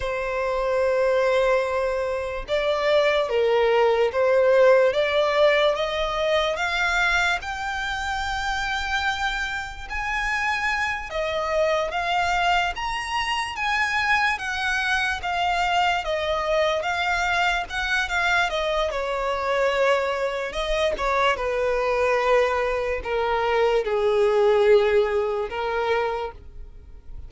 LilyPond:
\new Staff \with { instrumentName = "violin" } { \time 4/4 \tempo 4 = 73 c''2. d''4 | ais'4 c''4 d''4 dis''4 | f''4 g''2. | gis''4. dis''4 f''4 ais''8~ |
ais''8 gis''4 fis''4 f''4 dis''8~ | dis''8 f''4 fis''8 f''8 dis''8 cis''4~ | cis''4 dis''8 cis''8 b'2 | ais'4 gis'2 ais'4 | }